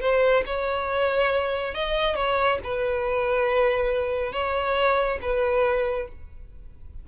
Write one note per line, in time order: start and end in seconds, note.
0.00 0.43 C5
0.46 1.74 C#5
1.74 2.15 D#5
2.15 2.59 C#5
2.63 4.32 B4
4.32 5.18 C#5
5.21 6.08 B4